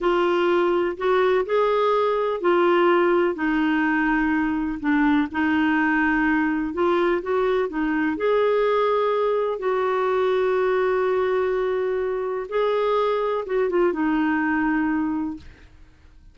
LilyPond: \new Staff \with { instrumentName = "clarinet" } { \time 4/4 \tempo 4 = 125 f'2 fis'4 gis'4~ | gis'4 f'2 dis'4~ | dis'2 d'4 dis'4~ | dis'2 f'4 fis'4 |
dis'4 gis'2. | fis'1~ | fis'2 gis'2 | fis'8 f'8 dis'2. | }